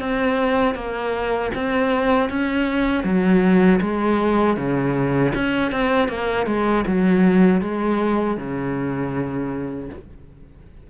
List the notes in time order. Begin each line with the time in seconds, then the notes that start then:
0.00 C4
0.75 A#3
1.55 C4
2.30 C#4
3.04 F#3
3.81 G#3
4.57 C#3
5.35 C#4
5.72 C4
6.09 A#3
6.47 G#3
6.87 F#3
7.62 G#3
8.38 C#3